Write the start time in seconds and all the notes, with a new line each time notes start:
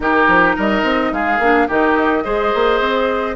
0.00 D#3 D#4 G4 A#4
0.27 F3
0.55 G3 A#4 D#5
0.83 C4
1.12 G#3 G#4 F5
1.39 A#3 D4
1.67 D#3 D#4 G4 D#5
2.23 G#3 G#4 C5
2.54 A#3
2.80 C4